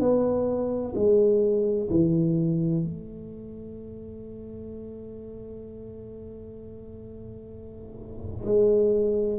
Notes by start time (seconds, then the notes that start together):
0.00 B3
0.95 G#3
1.90 E3
2.84 A3
8.45 G#3